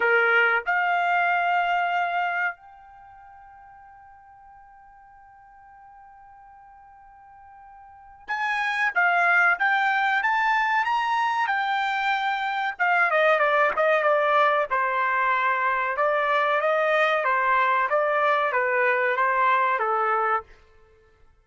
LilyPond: \new Staff \with { instrumentName = "trumpet" } { \time 4/4 \tempo 4 = 94 ais'4 f''2. | g''1~ | g''1~ | g''4 gis''4 f''4 g''4 |
a''4 ais''4 g''2 | f''8 dis''8 d''8 dis''8 d''4 c''4~ | c''4 d''4 dis''4 c''4 | d''4 b'4 c''4 a'4 | }